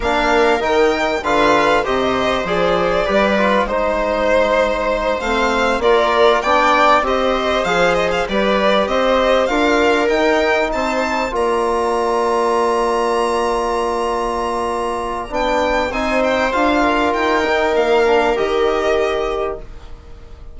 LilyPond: <<
  \new Staff \with { instrumentName = "violin" } { \time 4/4 \tempo 4 = 98 f''4 g''4 f''4 dis''4 | d''2 c''2~ | c''8 f''4 d''4 g''4 dis''8~ | dis''8 f''8 dis''16 f''16 d''4 dis''4 f''8~ |
f''8 g''4 a''4 ais''4.~ | ais''1~ | ais''4 g''4 gis''8 g''8 f''4 | g''4 f''4 dis''2 | }
  \new Staff \with { instrumentName = "viola" } { \time 4/4 ais'2 b'4 c''4~ | c''4 b'4 c''2~ | c''4. ais'4 d''4 c''8~ | c''4. b'4 c''4 ais'8~ |
ais'4. c''4 d''4.~ | d''1~ | d''2 c''4. ais'8~ | ais'1 | }
  \new Staff \with { instrumentName = "trombone" } { \time 4/4 d'4 dis'4 f'4 g'4 | gis'4 g'8 f'8 dis'2~ | dis'8 c'4 f'4 d'4 g'8~ | g'8 gis'4 g'2 f'8~ |
f'8 dis'2 f'4.~ | f'1~ | f'4 d'4 dis'4 f'4~ | f'8 dis'4 d'8 g'2 | }
  \new Staff \with { instrumentName = "bassoon" } { \time 4/4 ais4 dis4 d4 c4 | f4 g4 gis2~ | gis8 a4 ais4 b4 c'8~ | c'8 f4 g4 c'4 d'8~ |
d'8 dis'4 c'4 ais4.~ | ais1~ | ais4 b4 c'4 d'4 | dis'4 ais4 dis2 | }
>>